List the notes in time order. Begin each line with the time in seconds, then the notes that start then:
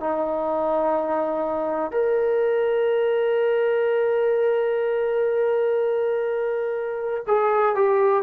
0.00 D#4
1.91 A#4
7.27 G#4
7.75 G4